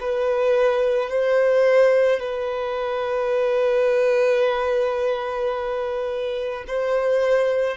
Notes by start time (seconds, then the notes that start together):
0.00 B4
1.10 C5
2.20 B4
6.67 C5